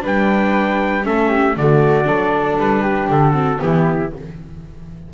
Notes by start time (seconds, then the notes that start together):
0.00 G3 D4 B4
0.06 G5
1.03 A3 C#4 A4 E5
1.29 G4
1.56 D3 A3 F#4 D5
2.04 F#3 D4 A4
2.57 G3 B4
2.82 G4
3.09 D3 A4
3.32 C4 F#4
3.59 E3 B3 E4 G4